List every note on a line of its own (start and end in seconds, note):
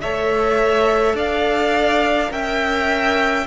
0.00 1.14 A3
0.00 2.29 A4
0.00 1.16 C#5
0.00 1.15 E5
1.14 2.29 D4
1.14 2.31 D5
1.14 2.32 F5
2.29 3.46 C#4
2.29 3.44 A#4
2.29 3.46 E5
2.29 3.46 G5